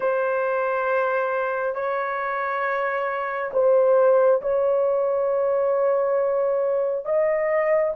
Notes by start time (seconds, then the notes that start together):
0.00 C5
1.74 C#5
3.53 C5
4.41 C#5
7.05 D#5